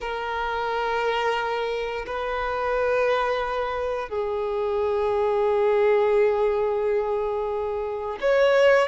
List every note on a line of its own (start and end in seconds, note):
0.01 2.05 A#4
2.06 4.09 B4
4.09 8.18 G#4
8.21 8.88 C#5